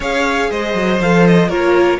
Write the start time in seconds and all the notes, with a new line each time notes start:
0.00 C#4 G#4 C#5 F5
0.50 G#3 C5 D#5
0.74 F#3
0.99 F3 A4 F5
1.26 D#5
1.48 A#3 F4 A#4 C#5